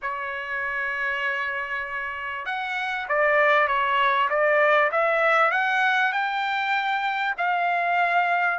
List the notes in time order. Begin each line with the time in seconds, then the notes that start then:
0.02 C#5
2.45 F#5
3.08 D5
3.67 C#5
4.29 D5
4.91 E5
5.51 F#5
6.12 G5
7.37 F5